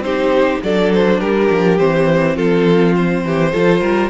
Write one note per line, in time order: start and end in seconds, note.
0.00 0.58 C4
0.00 0.63 D#4
0.00 0.64 G4
0.00 0.62 C5
0.64 1.21 F#3
0.64 1.79 D4
0.64 1.21 A4
0.64 0.93 D5
0.94 1.21 C5
1.21 1.50 G3
1.21 2.36 G4
1.21 1.79 A#4
1.50 1.79 F3
1.79 2.37 E3
1.79 3.53 C4
1.79 2.37 C5
2.36 3.25 F3
2.36 3.24 F4
2.36 2.95 A4
2.96 4.11 C5
3.25 3.54 E3
3.25 3.53 G4
3.53 3.82 F3
3.53 4.11 F4
3.53 3.82 A4
3.82 4.11 G3
3.82 4.11 A#4